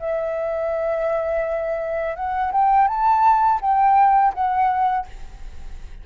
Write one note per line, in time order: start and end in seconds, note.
0.00 2.16 E5
2.16 2.52 F#5
2.53 2.88 G5
2.88 3.60 A5
3.61 4.34 G5
4.34 5.06 F#5